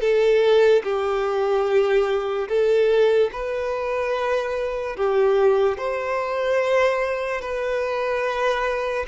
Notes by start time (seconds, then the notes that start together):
0.00 A4
0.83 G4
2.48 A4
3.32 B4
4.96 G4
5.77 C5
7.41 B4